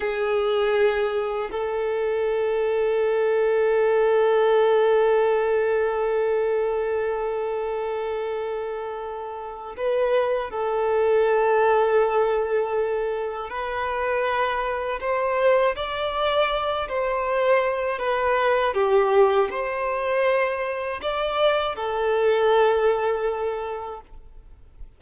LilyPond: \new Staff \with { instrumentName = "violin" } { \time 4/4 \tempo 4 = 80 gis'2 a'2~ | a'1~ | a'1~ | a'4 b'4 a'2~ |
a'2 b'2 | c''4 d''4. c''4. | b'4 g'4 c''2 | d''4 a'2. | }